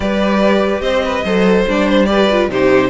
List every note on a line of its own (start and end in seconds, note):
0.00 0.81 G3
0.00 1.25 G4
0.00 0.82 B4
0.00 0.81 D5
0.81 1.22 C4
0.81 1.02 C5
0.81 1.64 D#5
1.04 1.24 B4
1.24 1.66 F#3
1.24 1.67 A4
1.24 2.07 C5
1.67 2.48 G3
1.67 2.07 D4
1.67 1.89 D5
1.89 2.05 C5
2.05 2.27 G4
2.05 2.50 B4
2.05 2.47 D5
2.31 2.50 F4
2.48 2.90 C3
2.48 2.90 D#4
2.48 2.90 G4
2.48 2.90 C5